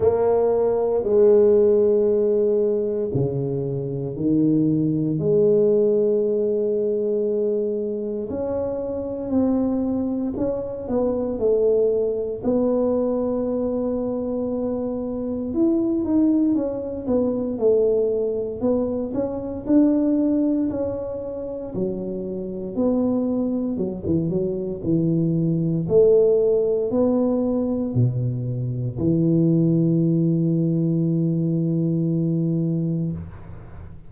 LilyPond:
\new Staff \with { instrumentName = "tuba" } { \time 4/4 \tempo 4 = 58 ais4 gis2 cis4 | dis4 gis2. | cis'4 c'4 cis'8 b8 a4 | b2. e'8 dis'8 |
cis'8 b8 a4 b8 cis'8 d'4 | cis'4 fis4 b4 fis16 e16 fis8 | e4 a4 b4 b,4 | e1 | }